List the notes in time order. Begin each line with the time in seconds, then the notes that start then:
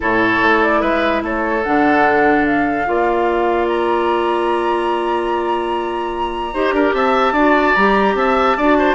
0.00 A2 E4 A4 C#5
0.42 A3
0.62 D5
0.80 G#3 B4 E5
1.22 A3 A4 C#5
1.63 D3 D4 F#5
2.45 F5
2.85 A#3 F4 D5
3.67 A#5
6.53 D#4 G4 C5
6.72 D4 A#4
6.93 C4 E5 A5
7.32 D4 F#4 D5
7.75 G3 G4 A#5
8.14 C4 E5 A5
8.57 D4 F#4 D5
8.78 C5